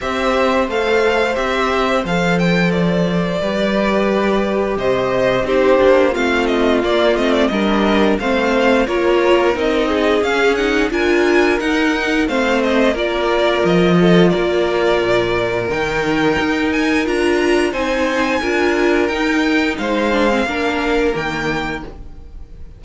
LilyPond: <<
  \new Staff \with { instrumentName = "violin" } { \time 4/4 \tempo 4 = 88 e''4 f''4 e''4 f''8 g''8 | d''2. dis''4 | c''4 f''8 dis''8 d''8 dis''16 d''16 dis''4 | f''4 cis''4 dis''4 f''8 fis''8 |
gis''4 fis''4 f''8 dis''8 d''4 | dis''4 d''2 g''4~ | g''8 gis''8 ais''4 gis''2 | g''4 f''2 g''4 | }
  \new Staff \with { instrumentName = "violin" } { \time 4/4 c''1~ | c''4 b'2 c''4 | g'4 f'2 ais'4 | c''4 ais'4. gis'4. |
ais'2 c''4 ais'4~ | ais'8 a'8 ais'2.~ | ais'2 c''4 ais'4~ | ais'4 c''4 ais'2 | }
  \new Staff \with { instrumentName = "viola" } { \time 4/4 g'4 a'4 g'4 a'4~ | a'4 g'2. | dis'8 d'8 c'4 ais8 c'8 d'4 | c'4 f'4 dis'4 cis'8 dis'8 |
f'4 dis'4 c'4 f'4~ | f'2. dis'4~ | dis'4 f'4 dis'4 f'4 | dis'4. d'16 c'16 d'4 ais4 | }
  \new Staff \with { instrumentName = "cello" } { \time 4/4 c'4 a4 c'4 f4~ | f4 g2 c4 | c'8 ais8 a4 ais8 a8 g4 | a4 ais4 c'4 cis'4 |
d'4 dis'4 a4 ais4 | f4 ais4 ais,4 dis4 | dis'4 d'4 c'4 d'4 | dis'4 gis4 ais4 dis4 | }
>>